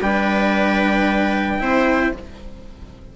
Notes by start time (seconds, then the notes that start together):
0.00 G3 D4 B4 G5
1.58 C4 E4 C5